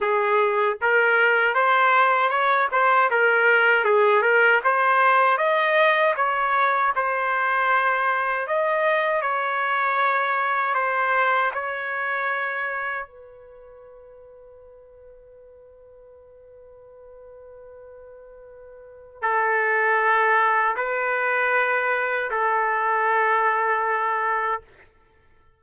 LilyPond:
\new Staff \with { instrumentName = "trumpet" } { \time 4/4 \tempo 4 = 78 gis'4 ais'4 c''4 cis''8 c''8 | ais'4 gis'8 ais'8 c''4 dis''4 | cis''4 c''2 dis''4 | cis''2 c''4 cis''4~ |
cis''4 b'2.~ | b'1~ | b'4 a'2 b'4~ | b'4 a'2. | }